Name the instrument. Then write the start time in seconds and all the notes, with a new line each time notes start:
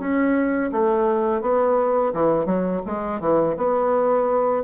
bassoon
0.00 C#4
0.72 A3
1.42 B3
2.14 E3
2.46 F#3
2.86 G#3
3.20 E3
3.57 B3